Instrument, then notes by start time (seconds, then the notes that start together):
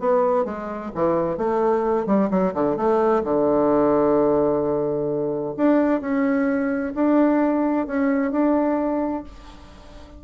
bassoon
0.00 B3
0.45 G#3
0.95 E3
1.38 A3
2.07 G3
2.31 F#3
2.54 D3
2.77 A3
3.24 D3
5.57 D4
6.01 C#4
6.95 D4
7.87 C#4
8.32 D4